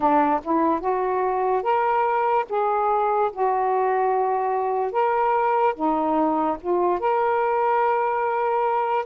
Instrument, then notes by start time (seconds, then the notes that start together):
saxophone
0.00 D4
0.43 E4
0.80 F#4
1.63 A#4
2.49 G#4
3.32 F#4
4.92 A#4
5.75 D#4
6.60 F4
6.99 A#4